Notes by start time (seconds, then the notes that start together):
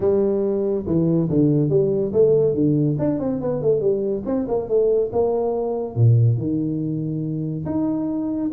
0.00 G3
0.86 E3
1.29 D3
1.69 G3
2.12 A3
2.54 D3
2.98 D4
3.19 C4
3.41 B3
3.61 A3
3.80 G3
4.25 C4
4.47 A#3
4.68 A3
5.12 A#3
5.95 A#2
6.37 D#3
7.65 D#4